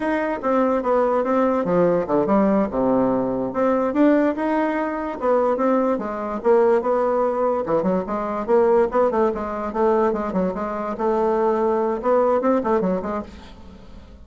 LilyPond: \new Staff \with { instrumentName = "bassoon" } { \time 4/4 \tempo 4 = 145 dis'4 c'4 b4 c'4 | f4 d8 g4 c4.~ | c8 c'4 d'4 dis'4.~ | dis'8 b4 c'4 gis4 ais8~ |
ais8 b2 e8 fis8 gis8~ | gis8 ais4 b8 a8 gis4 a8~ | a8 gis8 fis8 gis4 a4.~ | a4 b4 c'8 a8 fis8 gis8 | }